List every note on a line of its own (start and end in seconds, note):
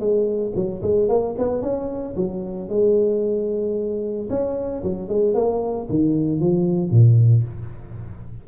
0.00 0.53 G#3
0.56 0.82 F#3
0.83 1.09 G#3
1.09 1.36 A#3
1.39 1.62 B3
1.62 2.15 C#4
2.16 2.70 F#3
2.70 4.29 G#3
4.30 4.83 C#4
4.84 5.09 F#3
5.09 5.35 G#3
5.35 5.88 A#3
5.90 6.41 D#3
6.41 6.91 F3
6.91 7.44 A#2